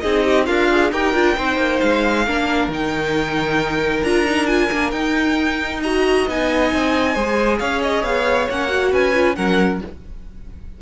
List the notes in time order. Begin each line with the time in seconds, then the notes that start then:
0.00 C4 D#4 G#4 D#5
0.24 G4
0.46 D4 F4 A#4 F5
0.71 G#4
0.92 D#4 G4 A#4 G5
1.14 D4 F4
1.36 C4 D#4 C5
1.57 A#3
1.80 G#3 F5
2.27 A#3 D4 A#4
2.68 D#3 D#4 G5
4.03 D4 F4 A#5
4.25 D#4
4.46 F4 G#5
4.71 A#3 D4
4.91 D#4 G5
5.82 F#4 D#5 A#5
6.28 B3 D#4 G#5
6.72 C4
7.14 G#3 G#4 C5
7.59 C#4 C#5 F5
7.82 D#5
8.03 B3 F5
8.50 A#3 C#4 F#5
8.68 F#4
8.91 C#4 B4 G#5
9.14 F4
9.36 F#3 C#4 A#4 F#5